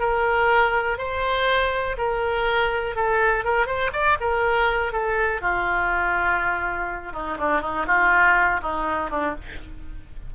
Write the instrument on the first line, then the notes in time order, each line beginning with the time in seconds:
oboe
0.00 A#4
0.99 C5
1.98 A#4
2.96 A4
3.45 A#4
3.67 C5
3.93 D5
4.21 A#4
4.93 A4
5.41 F4
7.13 D#4
7.39 D4
7.62 D#4
7.87 F4
8.63 D#4
9.11 D4